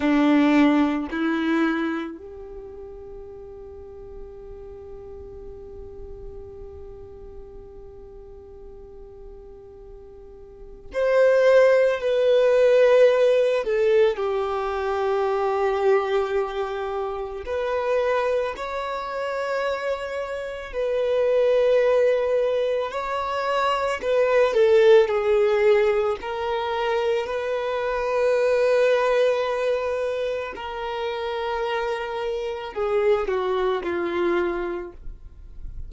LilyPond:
\new Staff \with { instrumentName = "violin" } { \time 4/4 \tempo 4 = 55 d'4 e'4 g'2~ | g'1~ | g'2 c''4 b'4~ | b'8 a'8 g'2. |
b'4 cis''2 b'4~ | b'4 cis''4 b'8 a'8 gis'4 | ais'4 b'2. | ais'2 gis'8 fis'8 f'4 | }